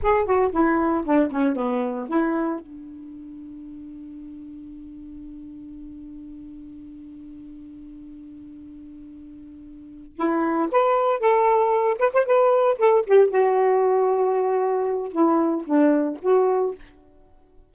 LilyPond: \new Staff \with { instrumentName = "saxophone" } { \time 4/4 \tempo 4 = 115 gis'8 fis'8 e'4 d'8 cis'8 b4 | e'4 d'2.~ | d'1~ | d'1~ |
d'2.~ d'8 e'8~ | e'8 b'4 a'4. b'16 c''16 b'8~ | b'8 a'8 g'8 fis'2~ fis'8~ | fis'4 e'4 d'4 fis'4 | }